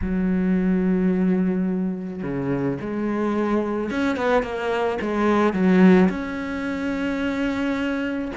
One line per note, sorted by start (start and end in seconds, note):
0.02 2.22 F#3
2.22 2.78 C#3
2.80 3.90 G#3
3.90 4.16 C#4
4.16 4.42 B3
4.42 4.98 A#3
5.01 5.53 G#3
5.53 6.08 F#3
6.09 8.31 C#4